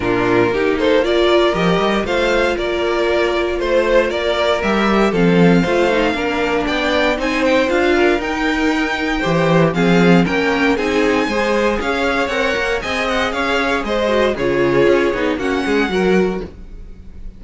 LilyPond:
<<
  \new Staff \with { instrumentName = "violin" } { \time 4/4 \tempo 4 = 117 ais'4. c''8 d''4 dis''4 | f''4 d''2 c''4 | d''4 e''4 f''2~ | f''4 g''4 gis''8 g''8 f''4 |
g''2. f''4 | g''4 gis''2 f''4 | fis''4 gis''8 fis''8 f''4 dis''4 | cis''2 fis''2 | }
  \new Staff \with { instrumentName = "violin" } { \time 4/4 f'4 g'8 a'8 ais'2 | c''4 ais'2 c''4 | ais'2 a'4 c''4 | ais'4 d''4 c''4. ais'8~ |
ais'2 c''4 gis'4 | ais'4 gis'4 c''4 cis''4~ | cis''4 dis''4 cis''4 c''4 | gis'2 fis'8 gis'8 ais'4 | }
  \new Staff \with { instrumentName = "viola" } { \time 4/4 d'4 dis'4 f'4 g'4 | f'1~ | f'4 g'4 c'4 f'8 dis'8 | d'2 dis'4 f'4 |
dis'2 g'4 c'4 | cis'4 dis'4 gis'2 | ais'4 gis'2~ gis'8 fis'8 | f'4. dis'8 cis'4 fis'4 | }
  \new Staff \with { instrumentName = "cello" } { \time 4/4 ais,4 ais2 f8 g8 | a4 ais2 a4 | ais4 g4 f4 a4 | ais4 b4 c'4 d'4 |
dis'2 e4 f4 | ais4 c'4 gis4 cis'4 | c'8 ais8 c'4 cis'4 gis4 | cis4 cis'8 b8 ais8 gis8 fis4 | }
>>